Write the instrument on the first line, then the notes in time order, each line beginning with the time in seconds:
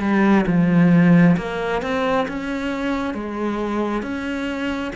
cello
0.00 G3
0.47 F3
1.38 A#3
1.82 C4
2.28 C#4
3.14 G#3
4.03 C#4